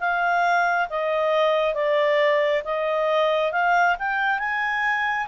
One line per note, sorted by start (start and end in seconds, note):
0.00 0.88 F5
0.89 1.74 D#5
1.74 2.63 D5
2.64 3.52 D#5
3.52 3.96 F5
3.99 4.39 G5
4.39 5.27 G#5